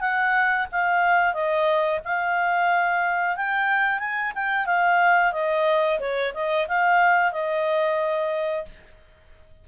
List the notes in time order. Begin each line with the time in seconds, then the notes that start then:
0.00 F#5
0.71 F5
1.33 D#5
2.04 F5
3.36 G5
3.99 G#5
4.35 G5
4.66 F5
5.32 D#5
5.99 C#5
6.34 D#5
6.68 F5
7.32 D#5